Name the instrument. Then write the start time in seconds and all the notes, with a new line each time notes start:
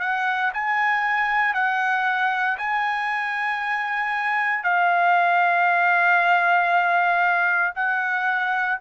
trumpet
0.00 F#5
0.54 G#5
1.54 F#5
2.58 G#5
4.64 F5
7.75 F#5